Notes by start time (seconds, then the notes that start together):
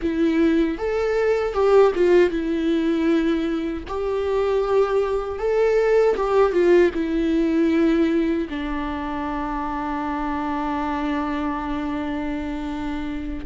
0.02 E4
0.77 A4
1.53 G4
1.94 F4
2.29 E4
3.87 G4
5.38 A4
6.16 G4
6.52 F4
6.94 E4
8.49 D4